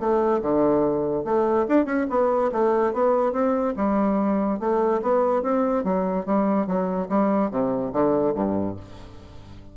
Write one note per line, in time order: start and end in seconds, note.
0.00 0.42 A3
0.42 1.25 D3
1.25 1.67 A3
1.69 1.86 D4
1.86 2.07 C#4
2.10 2.52 B3
2.52 2.94 A3
2.94 3.33 B3
3.33 3.75 C4
3.77 4.60 G3
4.60 5.02 A3
5.02 5.43 B3
5.43 5.84 C4
5.84 6.26 F#3
6.26 6.67 G3
6.67 7.09 F#3
7.09 7.51 G3
7.51 7.93 C3
7.93 8.35 D3
8.35 8.77 G2